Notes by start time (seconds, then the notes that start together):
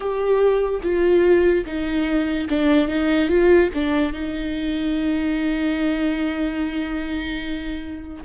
0.00 G4
0.82 F4
1.66 D#4
2.49 D4
2.88 D#4
3.28 F4
3.74 D4
4.12 D#4